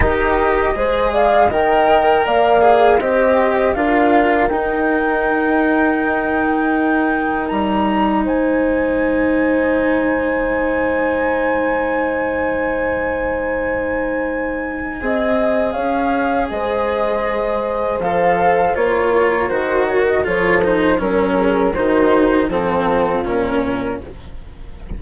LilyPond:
<<
  \new Staff \with { instrumentName = "flute" } { \time 4/4 \tempo 4 = 80 dis''4. f''8 g''4 f''4 | dis''4 f''4 g''2~ | g''2 ais''4 gis''4~ | gis''1~ |
gis''1~ | gis''4 f''4 dis''2 | f''4 cis''4 c''8 cis''16 dis''16 cis''8 c''8 | ais'4 c''4 a'4 ais'4 | }
  \new Staff \with { instrumentName = "horn" } { \time 4/4 ais'4 c''8 d''8 dis''4 d''4 | c''4 ais'2.~ | ais'2. c''4~ | c''1~ |
c''1 | dis''4 cis''4 c''2~ | c''4. ais'4. a'4 | ais'8 gis'8 fis'4 f'2 | }
  \new Staff \with { instrumentName = "cello" } { \time 4/4 g'4 gis'4 ais'4. gis'8 | g'4 f'4 dis'2~ | dis'1~ | dis'1~ |
dis'1 | gis'1 | a'4 f'4 fis'4 f'8 dis'8 | cis'4 dis'4 c'4 cis'4 | }
  \new Staff \with { instrumentName = "bassoon" } { \time 4/4 dis'4 gis4 dis4 ais4 | c'4 d'4 dis'2~ | dis'2 g4 gis4~ | gis1~ |
gis1 | c'4 cis'4 gis2 | f4 ais4 dis4 f4 | fis4 dis4 f4 ais,4 | }
>>